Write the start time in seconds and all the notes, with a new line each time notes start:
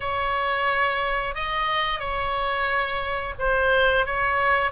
0.00 C#5
1.35 D#5
1.99 C#5
3.38 C5
4.06 C#5